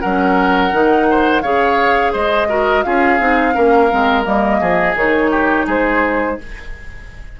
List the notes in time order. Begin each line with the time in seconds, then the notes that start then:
0.00 F#3 C#4 A#4 F#5
0.72 D#3 D#4
1.10 C5
1.41 C#3 G#4 C#5 F5
2.12 G#3 C5 D#5
2.49 F#4 A#4
2.83 C#4 F4 G#4 F5
3.19 C4 D#4
3.53 A#3 C#4 A#4
3.90 G#3 C4
4.22 G3 A#3 D#5
4.60 F3 G#4
4.95 D#3 D#4 C#5
5.31 G4
5.66 G#3 G#4 C5